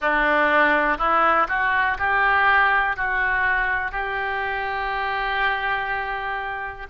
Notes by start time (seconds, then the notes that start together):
0.00 D4
0.98 E4
1.48 F#4
1.98 G4
2.96 F#4
3.91 G4